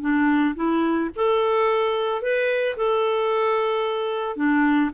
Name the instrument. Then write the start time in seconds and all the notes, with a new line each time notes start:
clarinet
0.00 D4
0.55 E4
1.15 A4
2.21 B4
2.76 A4
4.36 D4